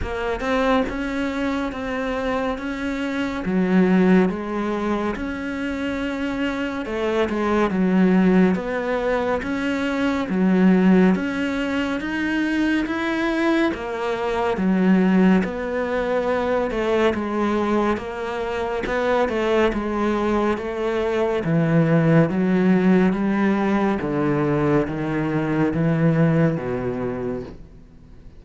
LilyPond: \new Staff \with { instrumentName = "cello" } { \time 4/4 \tempo 4 = 70 ais8 c'8 cis'4 c'4 cis'4 | fis4 gis4 cis'2 | a8 gis8 fis4 b4 cis'4 | fis4 cis'4 dis'4 e'4 |
ais4 fis4 b4. a8 | gis4 ais4 b8 a8 gis4 | a4 e4 fis4 g4 | d4 dis4 e4 b,4 | }